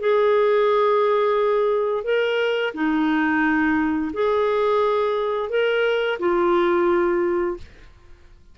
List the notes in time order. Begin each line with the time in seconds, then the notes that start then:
0.00 G#4
2.04 A#4
2.74 D#4
4.13 G#4
5.50 A#4
6.19 F4